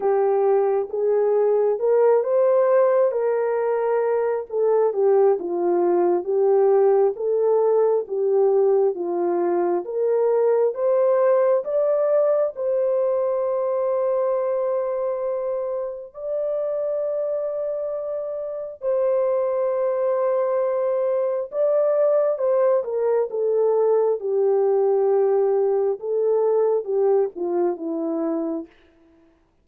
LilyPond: \new Staff \with { instrumentName = "horn" } { \time 4/4 \tempo 4 = 67 g'4 gis'4 ais'8 c''4 ais'8~ | ais'4 a'8 g'8 f'4 g'4 | a'4 g'4 f'4 ais'4 | c''4 d''4 c''2~ |
c''2 d''2~ | d''4 c''2. | d''4 c''8 ais'8 a'4 g'4~ | g'4 a'4 g'8 f'8 e'4 | }